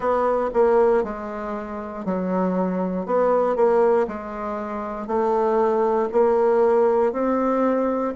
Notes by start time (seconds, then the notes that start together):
0.00 B3
0.53 A#3
1.03 G#3
2.05 F#3
3.06 B3
3.56 A#3
4.07 G#3
5.07 A3
6.12 A#3
7.12 C4